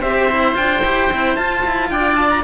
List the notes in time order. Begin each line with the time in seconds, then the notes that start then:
0.00 C4 G4 C5 E5
0.30 E4
0.55 D4 F4 G5
0.83 E4 G4
1.12 C4 E4
1.36 F4 A5
1.66 E4
1.90 D4 D5 G5
2.16 A5
2.30 A#5